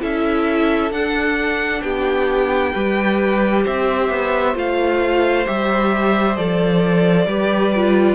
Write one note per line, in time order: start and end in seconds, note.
0.00 0.91 C#4
0.00 0.91 E4
0.00 1.83 A4
0.00 0.92 E5
0.91 1.82 D4
0.91 2.75 D4
0.91 1.82 F#5
1.82 2.75 B3
1.82 2.73 G4
1.82 3.64 G5
2.73 3.66 G3
2.73 4.54 G4
2.73 3.64 B4
3.64 4.10 C4
3.64 7.28 C5
3.64 4.57 E5
4.10 4.55 B3
4.54 5.46 A3
4.54 5.45 F4
4.54 5.47 F5
5.46 6.37 G3
5.46 6.37 G4
5.46 6.37 E5
6.37 7.27 F3
6.37 7.28 A4
6.37 8.15 D5
7.27 8.15 G3
7.27 7.75 G4
7.27 8.15 B4
7.76 8.15 F4